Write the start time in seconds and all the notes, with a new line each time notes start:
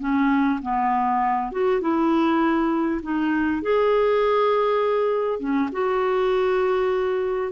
0.00 C#4
0.62 B3
1.52 F#4
1.81 E4
3.03 D#4
3.62 G#4
5.40 C#4
5.72 F#4